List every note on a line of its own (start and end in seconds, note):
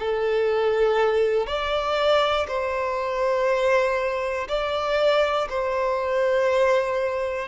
0.00 1.47 A4
1.47 2.47 D5
2.48 4.48 C5
4.48 5.48 D5
5.50 7.48 C5